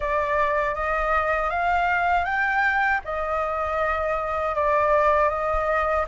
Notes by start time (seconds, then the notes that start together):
0.00 D5
0.75 D#5
1.50 F5
2.24 G5
3.04 D#5
4.55 D5
5.29 D#5